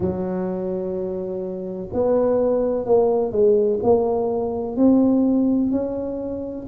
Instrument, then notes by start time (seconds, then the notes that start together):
tuba
0.00 F#3
1.93 B3
2.85 A#3
3.31 G#3
3.82 A#3
4.76 C4
5.71 C#4